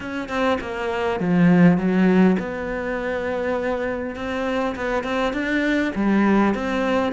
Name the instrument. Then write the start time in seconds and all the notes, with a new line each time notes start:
cello
0.00 C#4
0.28 C4
0.60 A#3
1.20 F3
1.77 F#3
2.39 B3
4.15 C4
4.75 B3
5.03 C4
5.33 D4
5.95 G3
6.54 C4